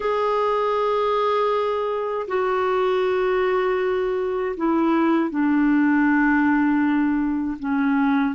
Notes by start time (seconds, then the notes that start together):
0.00 G#4
2.28 F#4
4.56 E4
5.30 D4
7.59 C#4